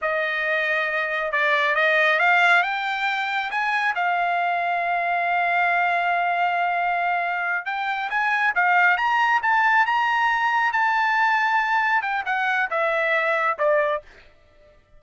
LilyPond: \new Staff \with { instrumentName = "trumpet" } { \time 4/4 \tempo 4 = 137 dis''2. d''4 | dis''4 f''4 g''2 | gis''4 f''2.~ | f''1~ |
f''4. g''4 gis''4 f''8~ | f''8 ais''4 a''4 ais''4.~ | ais''8 a''2. g''8 | fis''4 e''2 d''4 | }